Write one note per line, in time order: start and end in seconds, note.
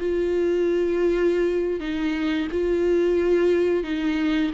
0.00 1.80 F4
1.80 2.48 D#4
2.52 3.84 F4
3.84 4.52 D#4